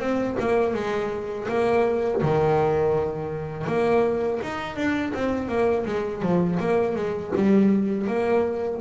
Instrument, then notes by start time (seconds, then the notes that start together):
double bass
0.00 C4
0.40 A#3
0.74 G#3
1.49 A#3
2.22 D#3
3.67 A#3
4.43 D#4
4.76 D4
5.14 C4
5.49 A#3
5.86 G#3
6.22 F3
6.60 A#3
6.96 G#3
7.36 G3
8.08 A#3